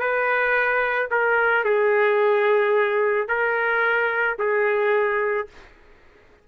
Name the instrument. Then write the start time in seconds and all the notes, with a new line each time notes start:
trumpet
0.00 B4
1.11 A#4
1.65 G#4
3.28 A#4
4.39 G#4